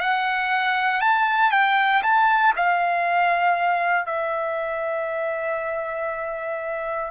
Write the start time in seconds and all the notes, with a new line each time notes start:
0.00 F#5
1.01 A5
1.51 G5
2.02 A5
2.56 F5
4.06 E5